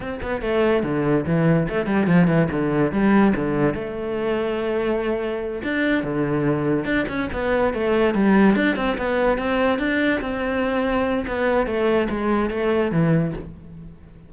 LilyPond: \new Staff \with { instrumentName = "cello" } { \time 4/4 \tempo 4 = 144 c'8 b8 a4 d4 e4 | a8 g8 f8 e8 d4 g4 | d4 a2.~ | a4. d'4 d4.~ |
d8 d'8 cis'8 b4 a4 g8~ | g8 d'8 c'8 b4 c'4 d'8~ | d'8 c'2~ c'8 b4 | a4 gis4 a4 e4 | }